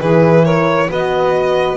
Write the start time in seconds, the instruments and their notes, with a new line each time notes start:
0.00 double bass E3, horn E4, saxophone G#4, violin B4
0.43 saxophone A#4, violin C#5
0.89 double bass B3, horn F#4, saxophone B4, violin D#5